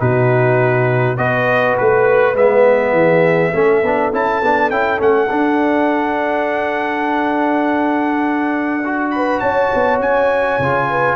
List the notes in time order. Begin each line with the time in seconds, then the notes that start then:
0.00 B2 D#4 F#4 B4
1.18 B3 F#4 B4 D#5
1.78 A3 B4
2.34 G#3 B3 E5
2.93 E3 G#4
3.53 A3 C#4 A4
3.83 B3 D4
4.13 C#4 E4 A5
4.43 B3 D4
4.71 C#4 E4 G5
4.98 A3 C#4 F#5
5.30 D4
8.85 F#4
9.11 B4 B5
9.40 C#4 C#5 A5
9.75 B3
10.00 C#4 G#5
10.59 C#3 F4
10.90 B4